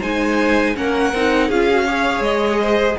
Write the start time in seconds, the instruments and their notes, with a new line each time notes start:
0.00 cello G#3, viola D#4, violin C5 G#5
0.75 cello A#3, viola C#4, violin A#4 F#5
1.13 cello C4, viola D#4
1.48 cello C#4, viola F4, violin G#4 F5
1.70 viola F#4
1.86 viola G#4, violin C#5
2.20 cello G#3, violin D#5
2.61 violin C5